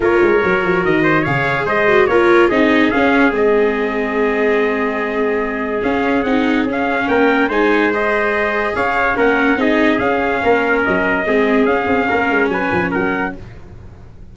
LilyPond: <<
  \new Staff \with { instrumentName = "trumpet" } { \time 4/4 \tempo 4 = 144 cis''2 dis''4 f''4 | dis''4 cis''4 dis''4 f''4 | dis''1~ | dis''2 f''4 fis''4 |
f''4 g''4 gis''4 dis''4~ | dis''4 f''4 fis''4 dis''4 | f''2 dis''2 | f''2 gis''4 fis''4 | }
  \new Staff \with { instrumentName = "trumpet" } { \time 4/4 ais'2~ ais'8 c''8 cis''4 | c''4 ais'4 gis'2~ | gis'1~ | gis'1~ |
gis'4 ais'4 c''2~ | c''4 cis''4 ais'4 gis'4~ | gis'4 ais'2 gis'4~ | gis'4 ais'4 b'4 ais'4 | }
  \new Staff \with { instrumentName = "viola" } { \time 4/4 f'4 fis'2 gis'4~ | gis'8 fis'8 f'4 dis'4 cis'4 | c'1~ | c'2 cis'4 dis'4 |
cis'2 dis'4 gis'4~ | gis'2 cis'4 dis'4 | cis'2. c'4 | cis'1 | }
  \new Staff \with { instrumentName = "tuba" } { \time 4/4 ais8 gis8 fis8 f8 dis4 cis4 | gis4 ais4 c'4 cis'4 | gis1~ | gis2 cis'4 c'4 |
cis'4 ais4 gis2~ | gis4 cis'4 ais4 c'4 | cis'4 ais4 fis4 gis4 | cis'8 c'8 ais8 gis8 fis8 f8 fis4 | }
>>